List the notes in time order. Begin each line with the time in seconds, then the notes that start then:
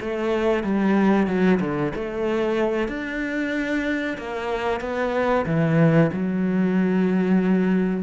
0.00 A3
0.63 G3
1.27 F#3
1.60 D3
1.95 A3
2.88 D4
4.18 A#3
4.81 B3
5.46 E3
6.12 F#3